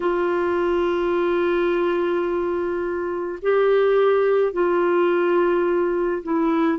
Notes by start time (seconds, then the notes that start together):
0.00 F4
3.42 G4
4.53 F4
6.23 E4